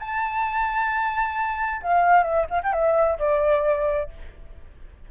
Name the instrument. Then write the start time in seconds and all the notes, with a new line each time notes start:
flute
0.00 A5
1.82 F5
2.23 E5
2.50 F5
2.64 G5
2.73 E5
3.19 D5